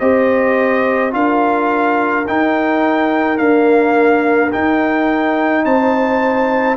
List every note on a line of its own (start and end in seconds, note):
0.00 1.14 C4
0.00 1.11 G4
0.00 1.13 C5
0.00 1.13 D#5
1.11 2.27 D4
1.11 2.24 F4
1.11 5.65 A#4
1.11 2.27 F5
2.28 3.38 D#4
2.28 3.40 D#4
2.28 3.38 G5
3.38 4.52 A#3
3.38 4.53 D4
3.38 4.51 F5
4.53 6.78 D#4
4.53 5.65 D#4
4.53 5.66 G5
5.65 6.78 C4
5.65 6.78 C5
5.65 6.78 A5